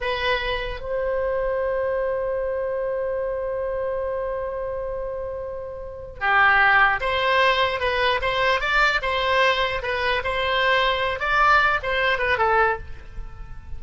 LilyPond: \new Staff \with { instrumentName = "oboe" } { \time 4/4 \tempo 4 = 150 b'2 c''2~ | c''1~ | c''1~ | c''2.~ c''8 g'8~ |
g'4. c''2 b'8~ | b'8 c''4 d''4 c''4.~ | c''8 b'4 c''2~ c''8 | d''4. c''4 b'8 a'4 | }